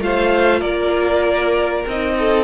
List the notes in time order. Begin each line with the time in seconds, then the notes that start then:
0.00 A3 F4 C5 F5
0.60 A#3 A#4 D5
1.87 C4 D#4 D#5
2.19 A4